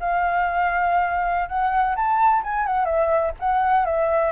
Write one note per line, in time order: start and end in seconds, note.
0.00 1.49 F5
1.49 1.96 F#5
1.96 2.43 A5
2.44 2.66 G#5
2.66 2.85 F#5
2.85 3.32 E5
3.39 3.85 F#5
3.85 4.32 E5